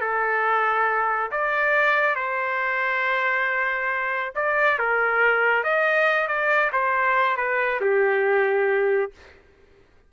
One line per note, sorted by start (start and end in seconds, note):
0.00 1.30 A4
1.31 2.15 D5
2.15 4.33 C5
4.35 4.78 D5
4.78 5.63 A#4
5.63 6.27 D#5
6.27 6.71 D5
6.72 7.37 C5
7.37 7.80 B4
7.81 9.11 G4